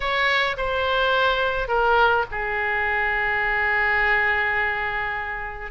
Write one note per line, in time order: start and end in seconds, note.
0.00 0.56 C#5
0.57 1.68 C5
1.68 2.25 A#4
2.31 5.71 G#4